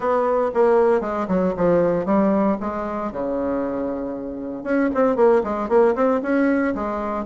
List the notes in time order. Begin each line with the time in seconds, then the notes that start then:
0.00 B3
0.54 A#3
1.00 G#3
1.28 F#3
1.57 F3
2.05 G3
2.60 G#3
3.12 C#3
4.63 C#4
4.94 C4
5.16 A#3
5.43 G#3
5.68 A#3
5.95 C4
6.22 C#4
6.74 G#3